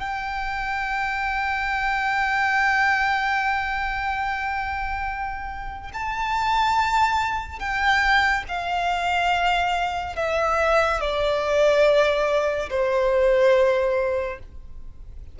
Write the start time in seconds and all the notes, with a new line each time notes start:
0.00 G5
5.93 A5
7.59 G5
8.48 F5
10.16 E5
11.01 D5
12.70 C5